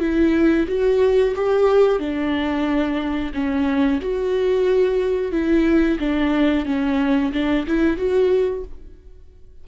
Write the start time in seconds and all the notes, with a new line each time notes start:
0.00 E4
0.68 F#4
1.36 G4
1.99 D4
3.34 C#4
4.01 F#4
5.32 E4
6.00 D4
6.66 C#4
7.33 D4
7.67 E4
7.97 F#4